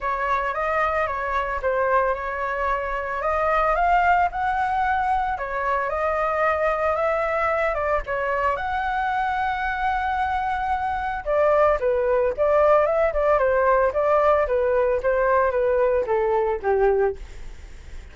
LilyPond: \new Staff \with { instrumentName = "flute" } { \time 4/4 \tempo 4 = 112 cis''4 dis''4 cis''4 c''4 | cis''2 dis''4 f''4 | fis''2 cis''4 dis''4~ | dis''4 e''4. d''8 cis''4 |
fis''1~ | fis''4 d''4 b'4 d''4 | e''8 d''8 c''4 d''4 b'4 | c''4 b'4 a'4 g'4 | }